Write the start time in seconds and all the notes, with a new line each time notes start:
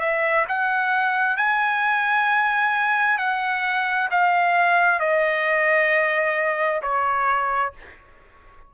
0.00 E5
0.49 F#5
1.37 G#5
3.19 F#5
4.11 F5
5.00 D#5
6.83 C#5